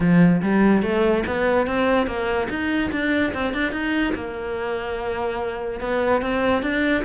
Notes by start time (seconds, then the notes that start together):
0.00 F3
0.41 G3
0.82 A3
1.26 B3
1.67 C4
2.06 A#3
2.49 D#4
2.91 D4
3.33 C4
3.53 D4
3.72 D#4
4.14 A#3
5.80 B3
6.21 C4
6.62 D4